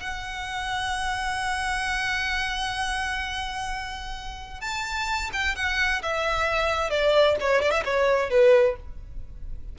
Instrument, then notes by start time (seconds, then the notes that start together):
violin
0.00 F#5
4.61 A5
5.33 G5
5.56 F#5
6.02 E5
6.90 D5
7.40 C#5
7.62 D5
7.71 E5
7.85 C#5
8.30 B4